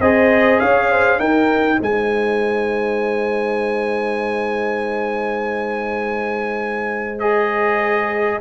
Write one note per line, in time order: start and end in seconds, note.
0.00 0.60 C4
0.00 1.20 G#4
0.00 0.61 C5
0.00 0.60 D#5
0.60 1.19 C#4
0.60 0.91 C#5
0.60 1.20 F5
0.91 1.21 C5
1.19 1.79 D#4
1.19 7.20 D#4
1.19 1.78 A#4
1.19 1.80 G5
1.78 8.41 G#3
1.78 8.38 C5
1.78 7.20 G#5
7.20 8.41 G#4
7.20 8.39 D#5